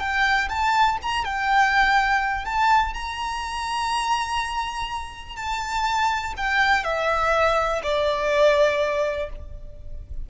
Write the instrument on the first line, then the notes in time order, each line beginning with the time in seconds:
violin
0.00 G5
0.49 A5
1.02 A#5
1.25 G5
2.45 A5
2.94 A#5
5.36 A5
6.37 G5
6.84 E5
7.83 D5